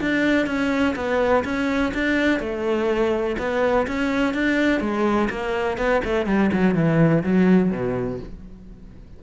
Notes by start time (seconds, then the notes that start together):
0.00 D4
0.46 C#4
0.95 B3
1.44 C#4
1.94 D4
2.39 A3
3.38 B3
3.87 C#4
4.34 D4
4.80 G#3
5.30 A#3
5.77 B3
6.04 A3
6.26 G3
6.53 F#3
6.75 E3
7.23 F#3
7.71 B2